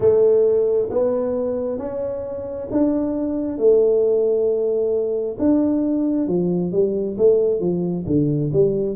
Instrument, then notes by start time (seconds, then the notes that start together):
tuba
0.00 A3
0.90 B3
1.78 C#4
2.71 D4
3.57 A3
5.39 D4
6.27 F3
6.72 G3
7.17 A3
7.60 F3
8.06 D3
8.52 G3